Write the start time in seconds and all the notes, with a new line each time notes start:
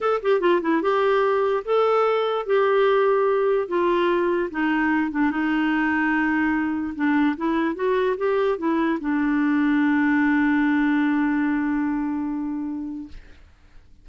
0.01 A4
0.22 G4
0.40 F4
0.61 E4
0.82 G4
1.64 A4
2.45 G4
3.68 F4
4.51 D#4
5.11 D4
5.30 D#4
6.95 D4
7.36 E4
7.75 F#4
8.17 G4
8.58 E4
9.00 D4